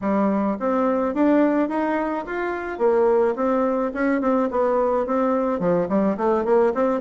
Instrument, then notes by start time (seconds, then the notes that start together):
bassoon
0.01 G3
0.59 C4
1.14 D4
1.68 D#4
2.26 F4
2.78 A#3
3.35 C4
3.94 C#4
4.21 C4
4.51 B3
5.06 C4
5.59 F3
5.88 G3
6.17 A3
6.44 A#3
6.74 C4